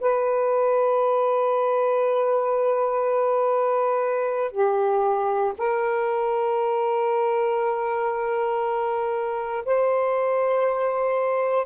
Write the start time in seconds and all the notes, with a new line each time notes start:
0.00 B4
4.51 G4
5.58 A#4
9.65 C5